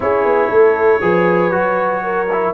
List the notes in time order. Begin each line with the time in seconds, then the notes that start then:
0.00 C#4 E4 G#4 C#5
0.24 B3
0.49 A3 A4
1.01 F3 G#4 B4
1.51 F#3 F#4
2.03 A#4
2.31 E4